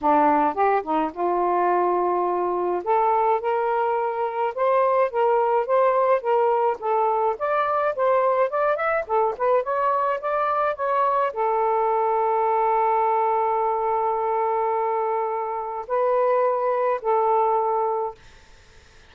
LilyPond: \new Staff \with { instrumentName = "saxophone" } { \time 4/4 \tempo 4 = 106 d'4 g'8 dis'8 f'2~ | f'4 a'4 ais'2 | c''4 ais'4 c''4 ais'4 | a'4 d''4 c''4 d''8 e''8 |
a'8 b'8 cis''4 d''4 cis''4 | a'1~ | a'1 | b'2 a'2 | }